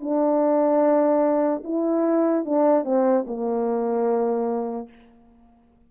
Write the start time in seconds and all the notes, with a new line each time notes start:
0.00 D4
1.64 E4
2.45 D4
2.84 C4
3.27 A#3